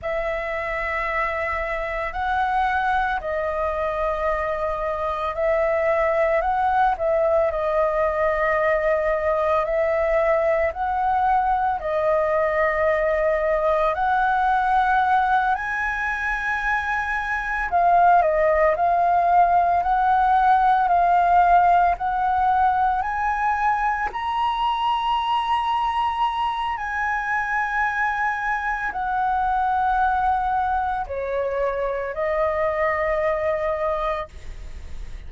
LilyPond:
\new Staff \with { instrumentName = "flute" } { \time 4/4 \tempo 4 = 56 e''2 fis''4 dis''4~ | dis''4 e''4 fis''8 e''8 dis''4~ | dis''4 e''4 fis''4 dis''4~ | dis''4 fis''4. gis''4.~ |
gis''8 f''8 dis''8 f''4 fis''4 f''8~ | f''8 fis''4 gis''4 ais''4.~ | ais''4 gis''2 fis''4~ | fis''4 cis''4 dis''2 | }